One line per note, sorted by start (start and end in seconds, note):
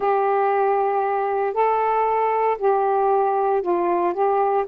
0.00 1.53 G4
1.53 2.57 A4
2.58 3.61 G4
3.62 4.13 F4
4.13 4.65 G4